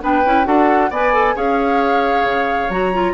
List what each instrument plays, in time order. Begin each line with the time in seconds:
0.00 bassoon B3, clarinet D4, oboe B4, flute G5
0.24 bassoon C#4, clarinet E4
0.44 bassoon D4, clarinet F#4, oboe A4, flute F#5
0.90 bassoon B3, clarinet B4, oboe D5, flute G#5
1.13 clarinet A4
1.35 bassoon C#4, clarinet G#4, oboe C#5, flute F5
2.25 bassoon C#3
2.69 bassoon F#3, clarinet F#4, flute A#5
2.93 clarinet F4